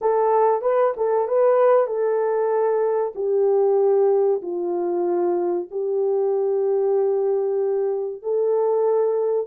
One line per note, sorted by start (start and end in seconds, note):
0.01 0.61 A4
0.61 0.93 B4
0.96 1.28 A4
1.28 1.86 B4
1.86 3.13 A4
3.15 4.41 G4
4.42 5.68 F4
5.70 8.22 G4
8.22 9.47 A4